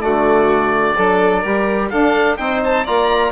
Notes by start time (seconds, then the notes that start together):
0.00 D3 A3 F#4 D5
0.97 F#3 D4 A4
1.42 G3 G4 A#4
1.89 D4 A4 F5
2.37 C4 D#4 C5 G5
2.64 A5
2.84 A#3 F4 D5 A#5